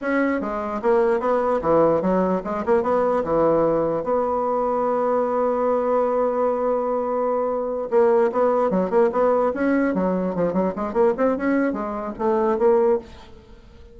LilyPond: \new Staff \with { instrumentName = "bassoon" } { \time 4/4 \tempo 4 = 148 cis'4 gis4 ais4 b4 | e4 fis4 gis8 ais8 b4 | e2 b2~ | b1~ |
b2.~ b8 ais8~ | ais8 b4 fis8 ais8 b4 cis'8~ | cis'8 fis4 f8 fis8 gis8 ais8 c'8 | cis'4 gis4 a4 ais4 | }